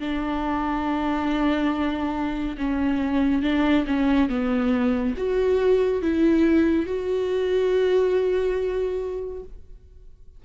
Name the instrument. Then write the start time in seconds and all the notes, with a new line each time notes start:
viola
0.00 D4
2.58 C#4
3.43 D4
3.87 C#4
4.29 B3
5.17 F#4
6.02 E4
6.86 F#4